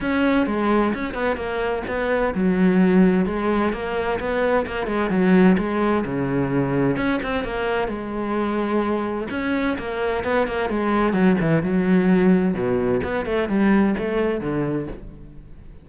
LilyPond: \new Staff \with { instrumentName = "cello" } { \time 4/4 \tempo 4 = 129 cis'4 gis4 cis'8 b8 ais4 | b4 fis2 gis4 | ais4 b4 ais8 gis8 fis4 | gis4 cis2 cis'8 c'8 |
ais4 gis2. | cis'4 ais4 b8 ais8 gis4 | fis8 e8 fis2 b,4 | b8 a8 g4 a4 d4 | }